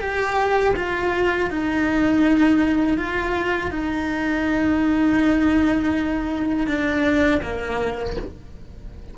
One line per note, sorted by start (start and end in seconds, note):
0.00 0.74 G4
0.76 1.50 F4
1.50 2.98 D#4
2.98 3.71 F4
3.71 6.67 D#4
6.67 7.41 D4
7.42 8.16 A#3